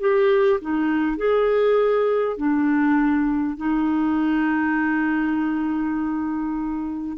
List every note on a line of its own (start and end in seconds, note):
0.00 0.60 G4
0.61 1.17 D#4
1.17 2.37 G#4
2.37 3.57 D4
3.57 7.17 D#4